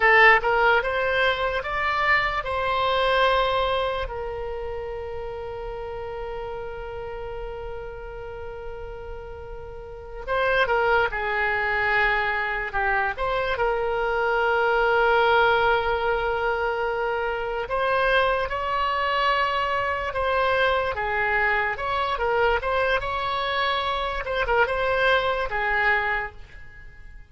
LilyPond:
\new Staff \with { instrumentName = "oboe" } { \time 4/4 \tempo 4 = 73 a'8 ais'8 c''4 d''4 c''4~ | c''4 ais'2.~ | ais'1~ | ais'8 c''8 ais'8 gis'2 g'8 |
c''8 ais'2.~ ais'8~ | ais'4. c''4 cis''4.~ | cis''8 c''4 gis'4 cis''8 ais'8 c''8 | cis''4. c''16 ais'16 c''4 gis'4 | }